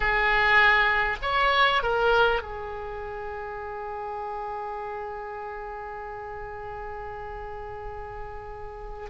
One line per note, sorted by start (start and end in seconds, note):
0.00 1.17 G#4
1.22 1.82 C#5
1.83 2.42 A#4
2.42 9.09 G#4